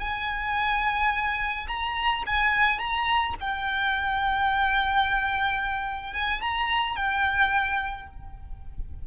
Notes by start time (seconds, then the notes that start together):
0.00 G#5
1.67 A#5
2.26 G#5
2.79 A#5
3.40 G5
6.13 G#5
6.41 A#5
6.96 G5